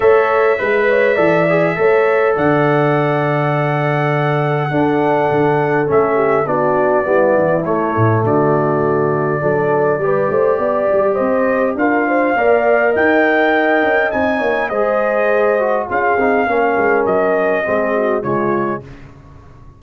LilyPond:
<<
  \new Staff \with { instrumentName = "trumpet" } { \time 4/4 \tempo 4 = 102 e''1 | fis''1~ | fis''2 e''4 d''4~ | d''4 cis''4 d''2~ |
d''2. dis''4 | f''2 g''2 | gis''4 dis''2 f''4~ | f''4 dis''2 cis''4 | }
  \new Staff \with { instrumentName = "horn" } { \time 4/4 cis''4 b'8 cis''8 d''4 cis''4 | d''1 | a'2~ a'8 g'8 fis'4 | e'2 fis'2 |
a'4 b'8 c''8 d''4 c''4 | ais'8 c''8 d''4 dis''2~ | dis''8 cis''8 c''2 gis'4 | ais'2 gis'8 fis'8 f'4 | }
  \new Staff \with { instrumentName = "trombone" } { \time 4/4 a'4 b'4 a'8 gis'8 a'4~ | a'1 | d'2 cis'4 d'4 | b4 a2. |
d'4 g'2. | f'4 ais'2. | dis'4 gis'4. fis'8 f'8 dis'8 | cis'2 c'4 gis4 | }
  \new Staff \with { instrumentName = "tuba" } { \time 4/4 a4 gis4 e4 a4 | d1 | d'4 d4 a4 b4 | g8 e8 a8 a,8 d2 |
fis4 g8 a8 b8 g8 c'4 | d'4 ais4 dis'4. cis'8 | c'8 ais8 gis2 cis'8 c'8 | ais8 gis8 fis4 gis4 cis4 | }
>>